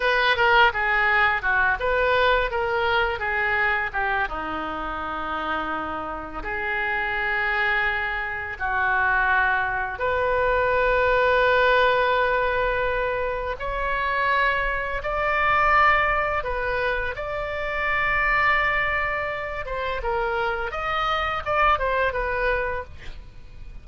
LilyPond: \new Staff \with { instrumentName = "oboe" } { \time 4/4 \tempo 4 = 84 b'8 ais'8 gis'4 fis'8 b'4 ais'8~ | ais'8 gis'4 g'8 dis'2~ | dis'4 gis'2. | fis'2 b'2~ |
b'2. cis''4~ | cis''4 d''2 b'4 | d''2.~ d''8 c''8 | ais'4 dis''4 d''8 c''8 b'4 | }